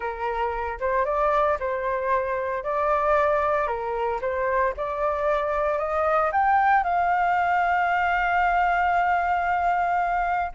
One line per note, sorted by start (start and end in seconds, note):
0.00 0.78 A#4
0.79 1.05 C5
1.05 1.58 D5
1.59 2.63 C5
2.63 3.67 D5
3.67 4.19 A#4
4.21 4.73 C5
4.76 5.78 D5
5.78 6.31 D#5
6.32 6.83 G5
6.83 10.51 F5